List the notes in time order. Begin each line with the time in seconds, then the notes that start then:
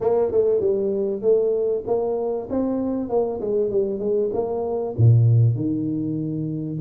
0.00 A#3
0.31 A3
0.60 G3
1.21 A3
1.87 A#3
2.50 C4
3.09 A#3
3.40 G#3
3.70 G3
3.99 G#3
4.33 A#3
4.97 A#2
5.55 D#3